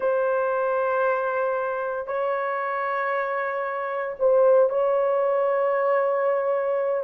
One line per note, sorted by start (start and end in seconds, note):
0.00 2.06 C5
2.06 4.15 C#5
4.19 4.69 C5
4.69 7.03 C#5